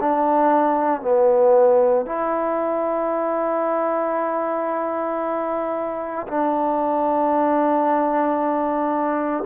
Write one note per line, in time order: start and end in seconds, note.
0.00 1.01 D4
1.01 2.06 B3
2.06 6.27 E4
6.28 9.44 D4